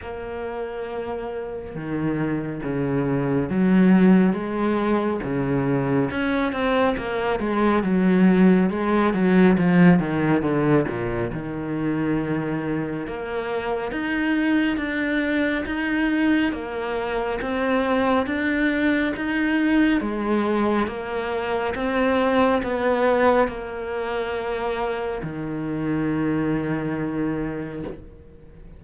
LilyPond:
\new Staff \with { instrumentName = "cello" } { \time 4/4 \tempo 4 = 69 ais2 dis4 cis4 | fis4 gis4 cis4 cis'8 c'8 | ais8 gis8 fis4 gis8 fis8 f8 dis8 | d8 ais,8 dis2 ais4 |
dis'4 d'4 dis'4 ais4 | c'4 d'4 dis'4 gis4 | ais4 c'4 b4 ais4~ | ais4 dis2. | }